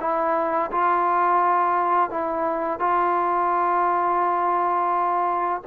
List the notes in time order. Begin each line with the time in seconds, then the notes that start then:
0.00 E4
0.71 F4
2.10 E4
2.79 F4